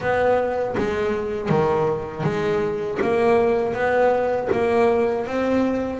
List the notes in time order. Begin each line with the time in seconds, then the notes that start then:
0.00 B3
0.77 G#3
1.49 D#3
2.23 G#3
3.01 A#3
3.74 B3
4.52 A#3
5.27 C4